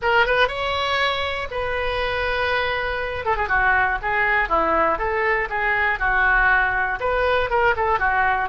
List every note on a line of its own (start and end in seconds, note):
0.02 0.26 A#4
0.26 0.48 B4
0.48 1.48 C#5
1.50 3.25 B4
3.25 3.36 A4
3.36 3.48 G#4
3.48 3.98 F#4
4.01 4.48 G#4
4.48 4.98 E4
4.98 5.48 A4
5.49 5.99 G#4
5.99 6.99 F#4
7.00 7.50 B4
7.50 7.75 A#4
7.76 7.99 A4
7.99 8.49 F#4